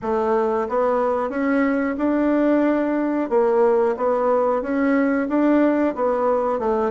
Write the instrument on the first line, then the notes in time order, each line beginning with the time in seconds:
bassoon
0.02 A3
0.68 B3
1.29 C#4
1.97 D4
3.29 A#3
3.97 B3
4.62 C#4
5.28 D4
5.95 B3
6.59 A3